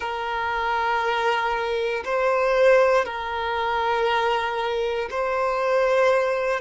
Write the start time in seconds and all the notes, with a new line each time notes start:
0.00 A#4
2.04 C5
3.05 A#4
5.10 C5